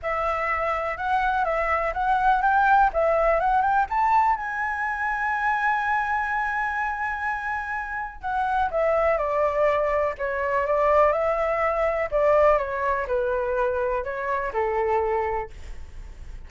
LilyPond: \new Staff \with { instrumentName = "flute" } { \time 4/4 \tempo 4 = 124 e''2 fis''4 e''4 | fis''4 g''4 e''4 fis''8 g''8 | a''4 gis''2.~ | gis''1~ |
gis''4 fis''4 e''4 d''4~ | d''4 cis''4 d''4 e''4~ | e''4 d''4 cis''4 b'4~ | b'4 cis''4 a'2 | }